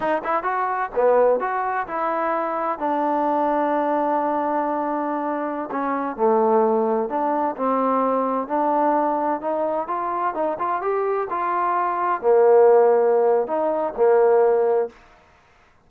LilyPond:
\new Staff \with { instrumentName = "trombone" } { \time 4/4 \tempo 4 = 129 dis'8 e'8 fis'4 b4 fis'4 | e'2 d'2~ | d'1~ | d'16 cis'4 a2 d'8.~ |
d'16 c'2 d'4.~ d'16~ | d'16 dis'4 f'4 dis'8 f'8 g'8.~ | g'16 f'2 ais4.~ ais16~ | ais4 dis'4 ais2 | }